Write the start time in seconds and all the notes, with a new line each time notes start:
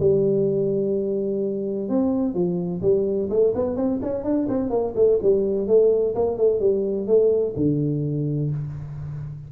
0.00 G3
1.89 C4
2.35 F3
2.82 G3
3.30 A3
3.55 B3
3.76 C4
4.02 C#4
4.24 D4
4.49 C4
4.70 A#3
4.95 A3
5.22 G3
5.68 A3
6.15 A#3
6.38 A3
6.60 G3
7.07 A3
7.56 D3